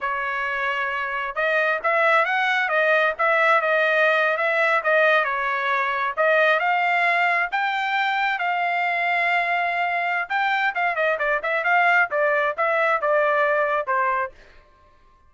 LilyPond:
\new Staff \with { instrumentName = "trumpet" } { \time 4/4 \tempo 4 = 134 cis''2. dis''4 | e''4 fis''4 dis''4 e''4 | dis''4.~ dis''16 e''4 dis''4 cis''16~ | cis''4.~ cis''16 dis''4 f''4~ f''16~ |
f''8. g''2 f''4~ f''16~ | f''2. g''4 | f''8 dis''8 d''8 e''8 f''4 d''4 | e''4 d''2 c''4 | }